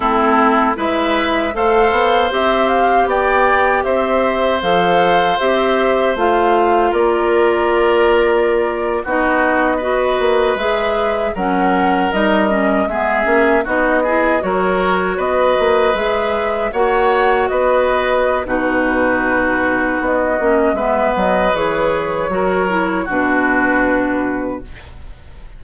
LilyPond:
<<
  \new Staff \with { instrumentName = "flute" } { \time 4/4 \tempo 4 = 78 a'4 e''4 f''4 e''8 f''8 | g''4 e''4 f''4 e''4 | f''4 d''2~ d''8. dis''16~ | dis''4.~ dis''16 e''4 fis''4 dis''16~ |
dis''8. e''4 dis''4 cis''4 dis''16~ | dis''8. e''4 fis''4 dis''4~ dis''16 | b'2 dis''4 e''8 dis''8 | cis''2 b'2 | }
  \new Staff \with { instrumentName = "oboe" } { \time 4/4 e'4 b'4 c''2 | d''4 c''2.~ | c''4 ais'2~ ais'8. fis'16~ | fis'8. b'2 ais'4~ ais'16~ |
ais'8. gis'4 fis'8 gis'8 ais'4 b'16~ | b'4.~ b'16 cis''4 b'4~ b'16 | fis'2. b'4~ | b'4 ais'4 fis'2 | }
  \new Staff \with { instrumentName = "clarinet" } { \time 4/4 c'4 e'4 a'4 g'4~ | g'2 a'4 g'4 | f'2.~ f'8. dis'16~ | dis'8. fis'4 gis'4 cis'4 dis'16~ |
dis'16 cis'8 b8 cis'8 dis'8 e'8 fis'4~ fis'16~ | fis'8. gis'4 fis'2~ fis'16 | dis'2~ dis'8 cis'8 b4 | gis'4 fis'8 e'8 d'2 | }
  \new Staff \with { instrumentName = "bassoon" } { \time 4/4 a4 gis4 a8 b8 c'4 | b4 c'4 f4 c'4 | a4 ais2~ ais8. b16~ | b4~ b16 ais8 gis4 fis4 g16~ |
g8. gis8 ais8 b4 fis4 b16~ | b16 ais8 gis4 ais4 b4~ b16 | b,2 b8 ais8 gis8 fis8 | e4 fis4 b,2 | }
>>